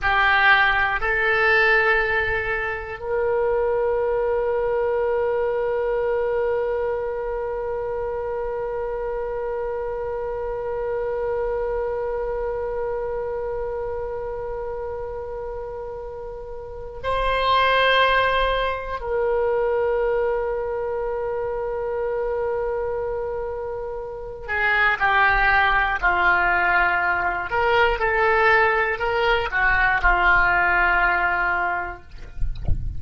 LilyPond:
\new Staff \with { instrumentName = "oboe" } { \time 4/4 \tempo 4 = 60 g'4 a'2 ais'4~ | ais'1~ | ais'1~ | ais'1~ |
ais'4 c''2 ais'4~ | ais'1~ | ais'8 gis'8 g'4 f'4. ais'8 | a'4 ais'8 fis'8 f'2 | }